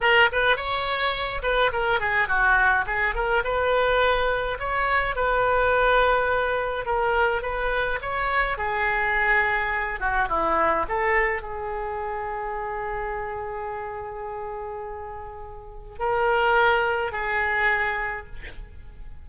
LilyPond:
\new Staff \with { instrumentName = "oboe" } { \time 4/4 \tempo 4 = 105 ais'8 b'8 cis''4. b'8 ais'8 gis'8 | fis'4 gis'8 ais'8 b'2 | cis''4 b'2. | ais'4 b'4 cis''4 gis'4~ |
gis'4. fis'8 e'4 a'4 | gis'1~ | gis'1 | ais'2 gis'2 | }